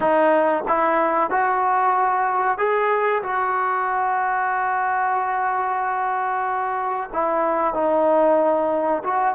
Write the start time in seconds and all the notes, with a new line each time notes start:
0.00 D#4
0.68 E4
1.30 F#4
2.57 G#4
3.23 F#4
7.13 E4
7.74 D#4
9.03 F#4